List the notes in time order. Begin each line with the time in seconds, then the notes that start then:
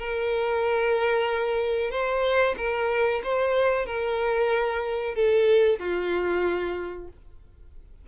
0.00 A#4
1.91 C5
2.57 A#4
3.24 C5
3.86 A#4
5.15 A4
5.79 F4